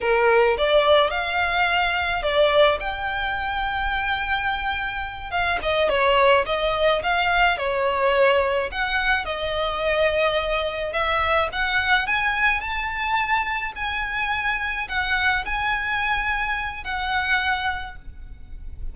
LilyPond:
\new Staff \with { instrumentName = "violin" } { \time 4/4 \tempo 4 = 107 ais'4 d''4 f''2 | d''4 g''2.~ | g''4. f''8 dis''8 cis''4 dis''8~ | dis''8 f''4 cis''2 fis''8~ |
fis''8 dis''2. e''8~ | e''8 fis''4 gis''4 a''4.~ | a''8 gis''2 fis''4 gis''8~ | gis''2 fis''2 | }